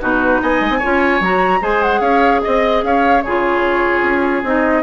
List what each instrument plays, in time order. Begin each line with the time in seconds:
0.00 bassoon B2, clarinet D#4, oboe F#4, flute B4
0.42 bassoon B3, oboe D#5, flute G#5
0.60 bassoon G#3
0.70 bassoon C4
0.79 clarinet F4, oboe C#5
0.85 bassoon C#4
1.20 bassoon F#3, clarinet F#4, flute A#5
1.61 bassoon G#3, clarinet G#4, oboe C5, flute G#5
1.83 flute F#5
2.01 bassoon C#4, oboe C#5, flute F5
2.42 bassoon C4, flute D#5, oboe D#5
2.83 bassoon C#4, oboe C#5, flute F5
3.21 bassoon C#3, clarinet F4, oboe G#4, flute C#5
4.03 bassoon C#4
4.43 bassoon C4, clarinet D#4, flute D#5